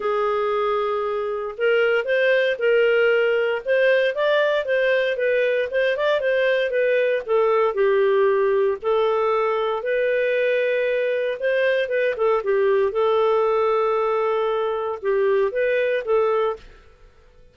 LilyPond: \new Staff \with { instrumentName = "clarinet" } { \time 4/4 \tempo 4 = 116 gis'2. ais'4 | c''4 ais'2 c''4 | d''4 c''4 b'4 c''8 d''8 | c''4 b'4 a'4 g'4~ |
g'4 a'2 b'4~ | b'2 c''4 b'8 a'8 | g'4 a'2.~ | a'4 g'4 b'4 a'4 | }